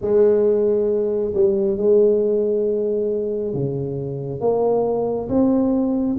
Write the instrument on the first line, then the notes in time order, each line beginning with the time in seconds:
tuba
0.01 G#3
1.34 G3
1.77 G#3
3.53 C#3
4.40 A#3
5.28 C4